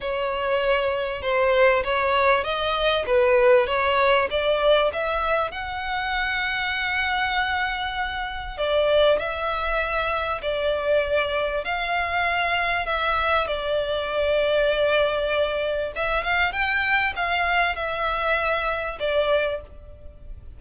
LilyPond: \new Staff \with { instrumentName = "violin" } { \time 4/4 \tempo 4 = 98 cis''2 c''4 cis''4 | dis''4 b'4 cis''4 d''4 | e''4 fis''2.~ | fis''2 d''4 e''4~ |
e''4 d''2 f''4~ | f''4 e''4 d''2~ | d''2 e''8 f''8 g''4 | f''4 e''2 d''4 | }